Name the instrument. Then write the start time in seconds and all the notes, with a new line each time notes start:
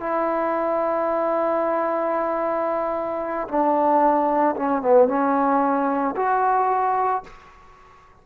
trombone
0.00 E4
3.49 D4
4.56 C#4
4.82 B3
5.08 C#4
6.17 F#4